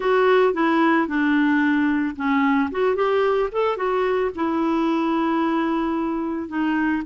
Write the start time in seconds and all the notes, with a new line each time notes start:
0.00 F#4
0.53 E4
1.07 D4
2.15 C#4
2.71 F#4
2.95 G4
3.51 A4
3.76 F#4
4.35 E4
6.48 D#4